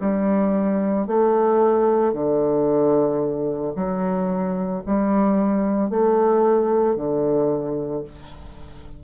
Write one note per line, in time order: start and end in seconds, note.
0.00 1.07 G3
1.07 2.13 A3
2.13 3.74 D3
3.75 4.82 F#3
4.86 5.89 G3
5.89 6.95 A3
6.95 8.03 D3